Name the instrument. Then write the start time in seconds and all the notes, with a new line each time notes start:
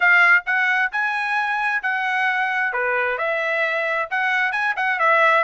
trumpet
0.00 F5
0.45 F#5
0.92 G#5
1.82 F#5
2.73 B4
3.18 E5
4.10 F#5
4.52 G#5
4.76 F#5
4.99 E5